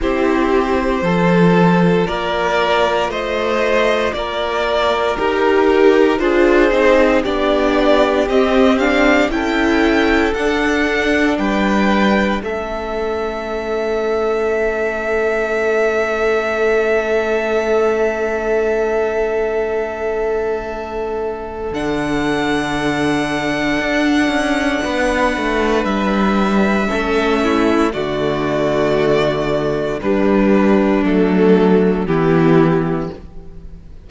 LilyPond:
<<
  \new Staff \with { instrumentName = "violin" } { \time 4/4 \tempo 4 = 58 c''2 d''4 dis''4 | d''4 ais'4 c''4 d''4 | dis''8 f''8 g''4 fis''4 g''4 | e''1~ |
e''1~ | e''4 fis''2.~ | fis''4 e''2 d''4~ | d''4 b'4 a'4 g'4 | }
  \new Staff \with { instrumentName = "violin" } { \time 4/4 g'4 a'4 ais'4 c''4 | ais'2 gis'4 g'4~ | g'4 a'2 b'4 | a'1~ |
a'1~ | a'1 | b'2 a'8 e'8 fis'4~ | fis'4 d'2 e'4 | }
  \new Staff \with { instrumentName = "viola" } { \time 4/4 e'4 f'2.~ | f'4 g'4 f'8 dis'8 d'4 | c'8 d'8 e'4 d'2 | cis'1~ |
cis'1~ | cis'4 d'2.~ | d'2 cis'4 a4~ | a4 g4 a4 b4 | }
  \new Staff \with { instrumentName = "cello" } { \time 4/4 c'4 f4 ais4 a4 | ais4 dis'4 d'8 c'8 b4 | c'4 cis'4 d'4 g4 | a1~ |
a1~ | a4 d2 d'8 cis'8 | b8 a8 g4 a4 d4~ | d4 g4 fis4 e4 | }
>>